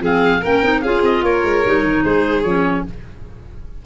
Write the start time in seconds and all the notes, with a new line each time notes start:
0.00 F3 C4 G#4 F5
0.41 A#3 C#4 A#4 G5
0.62 C4 D#4
0.81 C#4 F4 G#4 F5
1.02 C4 D#5
1.22 A#3 A#4 C#5
1.43 G#3
1.65 G3 D#4
1.83 D#3
2.02 G#3 G#4 C5
2.42 F3 C#4 C#5